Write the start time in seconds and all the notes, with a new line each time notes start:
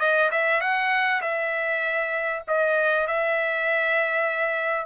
0.00 D#5
0.31 E5
0.61 F#5
1.21 E5
2.48 D#5
3.07 E5